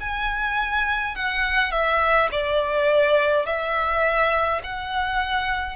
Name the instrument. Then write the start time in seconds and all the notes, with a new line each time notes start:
violin
0.00 G#5
1.15 F#5
1.71 E5
2.31 D5
3.46 E5
4.64 F#5